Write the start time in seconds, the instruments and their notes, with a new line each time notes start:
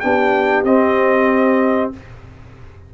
0.00 tuba B3, trombone D4, horn G4, trumpet G5
0.64 tuba C4, trombone C4, trumpet D#5